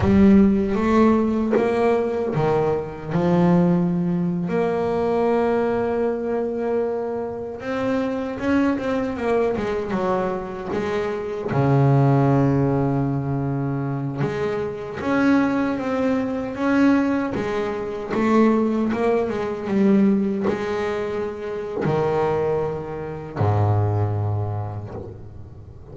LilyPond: \new Staff \with { instrumentName = "double bass" } { \time 4/4 \tempo 4 = 77 g4 a4 ais4 dis4 | f4.~ f16 ais2~ ais16~ | ais4.~ ais16 c'4 cis'8 c'8 ais16~ | ais16 gis8 fis4 gis4 cis4~ cis16~ |
cis2~ cis16 gis4 cis'8.~ | cis'16 c'4 cis'4 gis4 a8.~ | a16 ais8 gis8 g4 gis4.~ gis16 | dis2 gis,2 | }